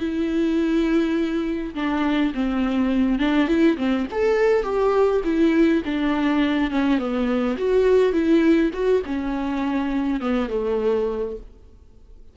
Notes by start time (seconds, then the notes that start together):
0.00 E4
1.75 D4
2.35 C4
3.20 D4
3.48 E4
3.78 C4
4.12 A4
4.63 G4
5.25 E4
5.85 D4
6.71 C#4
6.99 B3
7.58 F#4
8.13 E4
8.74 F#4
9.06 C#4
10.21 B3
10.50 A3